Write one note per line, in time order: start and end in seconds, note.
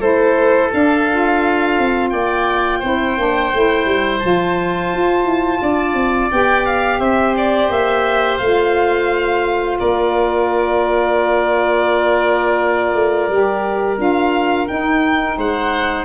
0.00 0.70 A3
0.00 0.71 E4
0.00 2.09 A4
0.00 0.71 C5
0.73 1.08 D4
0.73 1.78 D4
0.73 2.10 F5
1.11 2.83 F4
1.78 2.13 C4
2.10 2.82 A#3
2.10 2.79 D5
2.10 4.19 G5
2.79 3.18 C4
2.79 3.18 E4
2.79 5.58 C5
3.18 3.53 A#3
3.18 3.53 D4
3.54 3.86 A3
3.54 4.21 E4
3.86 4.21 G3
4.19 4.94 F3
4.19 6.31 F4
4.19 6.29 A5
4.94 5.25 F4
5.25 5.60 E4
5.62 5.94 D4
5.62 7.00 D5
5.94 6.29 C4
6.31 7.00 B3
6.31 8.41 G4
6.31 6.66 G5
6.66 7.00 F5
7.00 7.69 C4
7.00 9.79 C5
7.00 7.34 E5
7.37 7.72 D5
7.70 8.40 A#3
7.70 8.38 E5
8.38 9.80 A3
8.38 13.30 F4
8.38 9.77 F5
9.80 12.94 A#3
9.80 15.37 A#4
9.80 13.98 D5
12.94 13.28 A3
13.28 13.98 G3
13.28 13.97 G4
13.97 14.68 D4
13.97 14.67 F4
13.97 14.68 F5
14.68 16.05 D#4
14.68 15.37 D#4
14.68 15.38 G5
15.37 16.05 G#3
15.37 16.05 C5
15.37 16.05 F#5